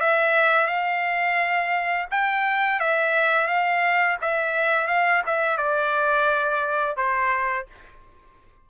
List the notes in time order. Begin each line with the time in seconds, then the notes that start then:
0.00 E5
0.67 F5
2.11 G5
2.79 E5
3.47 F5
4.21 E5
4.87 F5
5.26 E5
5.57 D5
6.96 C5